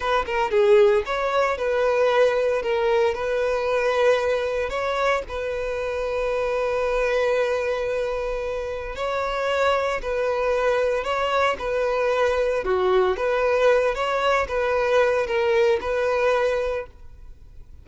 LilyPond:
\new Staff \with { instrumentName = "violin" } { \time 4/4 \tempo 4 = 114 b'8 ais'8 gis'4 cis''4 b'4~ | b'4 ais'4 b'2~ | b'4 cis''4 b'2~ | b'1~ |
b'4 cis''2 b'4~ | b'4 cis''4 b'2 | fis'4 b'4. cis''4 b'8~ | b'4 ais'4 b'2 | }